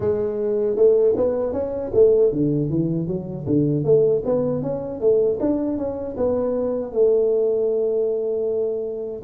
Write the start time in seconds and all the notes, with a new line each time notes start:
0.00 G#3
0.76 A3
1.16 B3
1.52 C#4
1.93 A3
2.31 D3
2.69 E3
3.07 F#3
3.46 D3
3.84 A3
4.25 B3
4.62 C#4
5.00 A3
5.40 D4
5.77 C#4
6.16 B3
6.92 A3